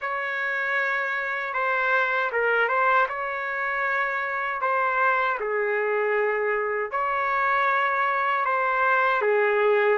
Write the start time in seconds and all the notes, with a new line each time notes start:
0.01 C#5
1.53 C5
2.31 A#4
2.68 C5
3.08 C#5
4.61 C5
5.40 G#4
6.91 C#5
8.45 C5
9.21 G#4